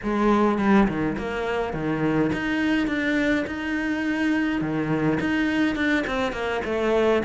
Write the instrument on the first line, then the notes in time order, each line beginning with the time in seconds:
cello
0.03 G#3
0.58 G3
0.88 D#3
1.18 A#3
1.73 D#3
2.32 D#4
2.87 D4
3.46 D#4
4.61 D#3
5.20 D#4
5.75 D4
6.06 C4
6.32 A#3
6.64 A3